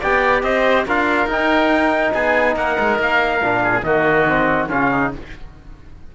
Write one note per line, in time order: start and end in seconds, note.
0.00 0.43 B3
0.00 0.87 G4
0.00 0.43 D5
0.00 0.44 G5
0.43 0.86 C4
0.43 0.87 C5
0.43 0.86 D#5
0.87 1.27 D4
0.87 1.29 F4
0.87 2.14 A#4
0.87 1.31 F5
1.27 2.12 D#4
1.27 3.41 D#4
1.27 2.14 G5
2.14 2.56 B3
2.14 2.56 G#4
2.14 2.56 G#5
2.56 2.77 A#3
2.56 3.64 A#4
2.56 2.99 F#5
2.80 2.99 G#3
2.99 3.41 A#3
2.99 3.84 F5
3.41 3.83 A#2
3.41 3.84 D4
3.64 3.85 G#4
3.83 4.68 D#3
3.83 4.26 A#3
3.83 4.69 F#4
3.83 4.69 D#5
4.27 4.69 C4
4.69 5.16 C#3
4.69 5.11 C#4
4.69 4.90 F4
4.69 5.14 F5
4.91 5.12 D#4